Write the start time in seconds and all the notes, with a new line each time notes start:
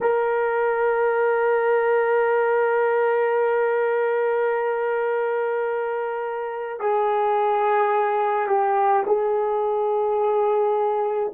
0.01 A#4
6.80 G#4
8.46 G4
9.06 G#4